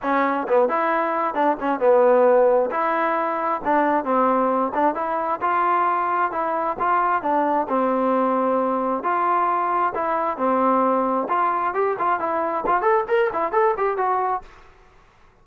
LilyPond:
\new Staff \with { instrumentName = "trombone" } { \time 4/4 \tempo 4 = 133 cis'4 b8 e'4. d'8 cis'8 | b2 e'2 | d'4 c'4. d'8 e'4 | f'2 e'4 f'4 |
d'4 c'2. | f'2 e'4 c'4~ | c'4 f'4 g'8 f'8 e'4 | f'8 a'8 ais'8 e'8 a'8 g'8 fis'4 | }